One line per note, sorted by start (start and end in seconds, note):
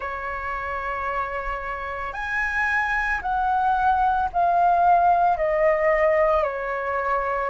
0.00 2.13 C#5
2.13 3.20 G#5
3.21 4.29 F#5
4.32 5.37 F5
5.37 6.43 D#5
6.43 7.50 C#5